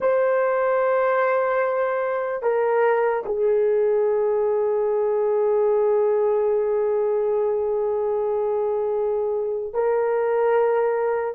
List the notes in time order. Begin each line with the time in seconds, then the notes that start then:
0.00 C5
2.42 A#4
3.25 G#4
9.73 A#4